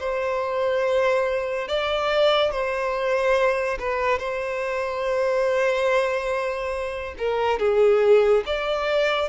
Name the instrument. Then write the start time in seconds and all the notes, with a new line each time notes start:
violin
0.00 C5
1.68 D5
2.51 C5
3.80 B4
4.19 C5
7.18 A#4
7.59 G#4
8.46 D5